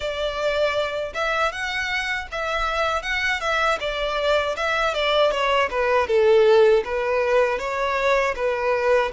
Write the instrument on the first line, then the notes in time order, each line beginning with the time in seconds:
violin
0.00 D5
1.14 E5
1.52 F#5
2.31 E5
3.02 F#5
3.40 E5
3.79 D5
4.56 E5
4.94 D5
5.31 C#5
5.70 B4
6.07 A4
6.84 B4
7.58 C#5
8.35 B4